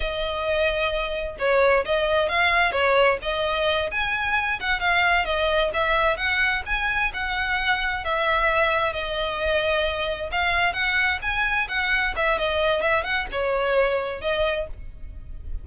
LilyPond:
\new Staff \with { instrumentName = "violin" } { \time 4/4 \tempo 4 = 131 dis''2. cis''4 | dis''4 f''4 cis''4 dis''4~ | dis''8 gis''4. fis''8 f''4 dis''8~ | dis''8 e''4 fis''4 gis''4 fis''8~ |
fis''4. e''2 dis''8~ | dis''2~ dis''8 f''4 fis''8~ | fis''8 gis''4 fis''4 e''8 dis''4 | e''8 fis''8 cis''2 dis''4 | }